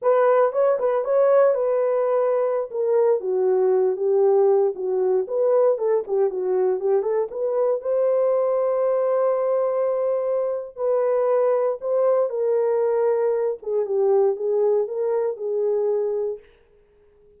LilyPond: \new Staff \with { instrumentName = "horn" } { \time 4/4 \tempo 4 = 117 b'4 cis''8 b'8 cis''4 b'4~ | b'4~ b'16 ais'4 fis'4. g'16~ | g'4~ g'16 fis'4 b'4 a'8 g'16~ | g'16 fis'4 g'8 a'8 b'4 c''8.~ |
c''1~ | c''4 b'2 c''4 | ais'2~ ais'8 gis'8 g'4 | gis'4 ais'4 gis'2 | }